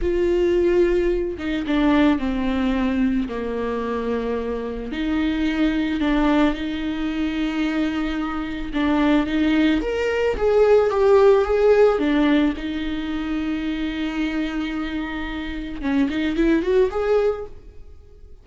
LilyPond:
\new Staff \with { instrumentName = "viola" } { \time 4/4 \tempo 4 = 110 f'2~ f'8 dis'8 d'4 | c'2 ais2~ | ais4 dis'2 d'4 | dis'1 |
d'4 dis'4 ais'4 gis'4 | g'4 gis'4 d'4 dis'4~ | dis'1~ | dis'4 cis'8 dis'8 e'8 fis'8 gis'4 | }